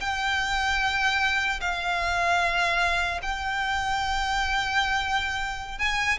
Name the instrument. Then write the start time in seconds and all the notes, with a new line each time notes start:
violin
0.00 G5
1.60 F5
3.22 G5
5.78 G#5